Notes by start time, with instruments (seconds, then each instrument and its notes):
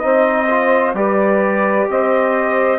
0.00 bassoon C4, trombone D#4, saxophone C5, trumpet D#5
0.50 trombone F4
0.94 bassoon G3, trombone G4, saxophone B4, trumpet D5
1.90 bassoon C4, saxophone C5, trumpet D#5